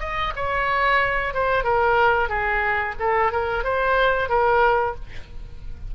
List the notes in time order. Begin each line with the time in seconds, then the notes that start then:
0.00 D#5
0.36 C#5
1.34 C5
1.64 A#4
2.29 G#4
3.00 A4
3.32 A#4
3.64 C5
4.29 A#4